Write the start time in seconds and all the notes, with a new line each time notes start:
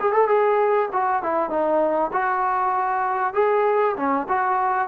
0.00 G#4
0.13 A4
0.28 G#4
0.93 F#4
1.22 E4
1.50 D#4
2.13 F#4
3.34 G#4
3.96 C#4
4.28 F#4